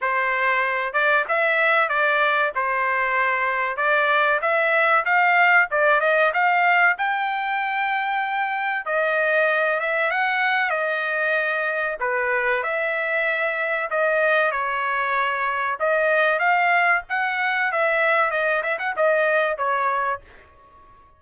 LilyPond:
\new Staff \with { instrumentName = "trumpet" } { \time 4/4 \tempo 4 = 95 c''4. d''8 e''4 d''4 | c''2 d''4 e''4 | f''4 d''8 dis''8 f''4 g''4~ | g''2 dis''4. e''8 |
fis''4 dis''2 b'4 | e''2 dis''4 cis''4~ | cis''4 dis''4 f''4 fis''4 | e''4 dis''8 e''16 fis''16 dis''4 cis''4 | }